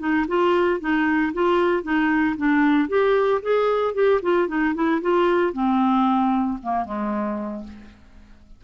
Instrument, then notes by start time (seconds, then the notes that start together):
clarinet
0.00 D#4
0.28 F4
0.81 D#4
1.34 F4
1.83 D#4
2.38 D4
2.89 G4
3.43 G#4
3.95 G4
4.23 F4
4.48 D#4
4.75 E4
5.02 F4
5.54 C4
6.63 A#3
6.85 G#3